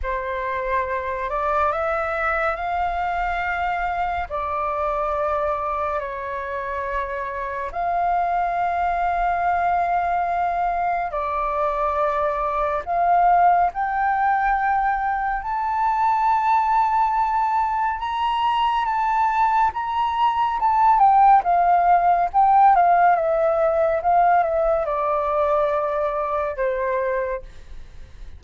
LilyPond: \new Staff \with { instrumentName = "flute" } { \time 4/4 \tempo 4 = 70 c''4. d''8 e''4 f''4~ | f''4 d''2 cis''4~ | cis''4 f''2.~ | f''4 d''2 f''4 |
g''2 a''2~ | a''4 ais''4 a''4 ais''4 | a''8 g''8 f''4 g''8 f''8 e''4 | f''8 e''8 d''2 c''4 | }